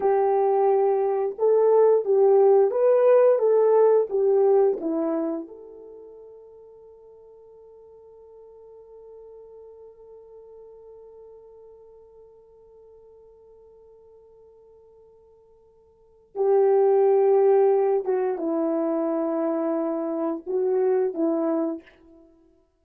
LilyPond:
\new Staff \with { instrumentName = "horn" } { \time 4/4 \tempo 4 = 88 g'2 a'4 g'4 | b'4 a'4 g'4 e'4 | a'1~ | a'1~ |
a'1~ | a'1 | g'2~ g'8 fis'8 e'4~ | e'2 fis'4 e'4 | }